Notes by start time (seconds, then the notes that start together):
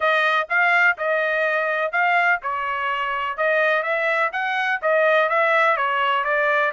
0.00 D#5
0.49 F5
0.97 D#5
1.91 F5
2.42 C#5
3.37 D#5
3.82 E5
4.32 F#5
4.82 D#5
5.29 E5
5.76 C#5
6.24 D5